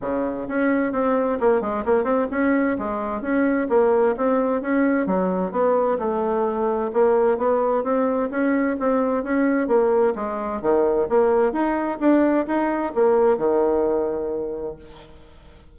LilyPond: \new Staff \with { instrumentName = "bassoon" } { \time 4/4 \tempo 4 = 130 cis4 cis'4 c'4 ais8 gis8 | ais8 c'8 cis'4 gis4 cis'4 | ais4 c'4 cis'4 fis4 | b4 a2 ais4 |
b4 c'4 cis'4 c'4 | cis'4 ais4 gis4 dis4 | ais4 dis'4 d'4 dis'4 | ais4 dis2. | }